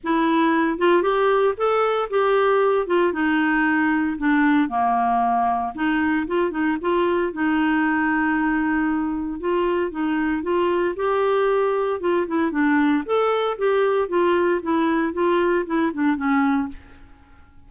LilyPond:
\new Staff \with { instrumentName = "clarinet" } { \time 4/4 \tempo 4 = 115 e'4. f'8 g'4 a'4 | g'4. f'8 dis'2 | d'4 ais2 dis'4 | f'8 dis'8 f'4 dis'2~ |
dis'2 f'4 dis'4 | f'4 g'2 f'8 e'8 | d'4 a'4 g'4 f'4 | e'4 f'4 e'8 d'8 cis'4 | }